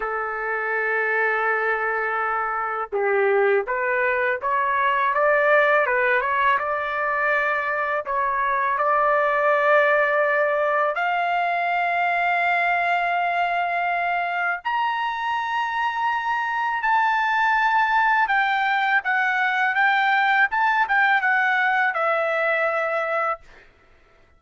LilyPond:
\new Staff \with { instrumentName = "trumpet" } { \time 4/4 \tempo 4 = 82 a'1 | g'4 b'4 cis''4 d''4 | b'8 cis''8 d''2 cis''4 | d''2. f''4~ |
f''1 | ais''2. a''4~ | a''4 g''4 fis''4 g''4 | a''8 g''8 fis''4 e''2 | }